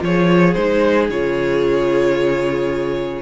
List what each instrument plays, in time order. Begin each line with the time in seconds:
0.00 cello F3, viola F4, violin C#5
0.06 violin G#4
0.54 cello G#3, viola D#4, violin C5
1.10 cello C#3, viola F4, violin C#5